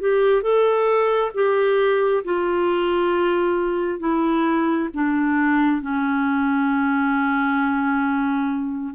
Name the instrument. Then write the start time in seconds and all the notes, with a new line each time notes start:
clarinet
0.00 G4
0.42 A4
1.34 G4
2.25 F4
4.00 E4
4.94 D4
5.82 C#4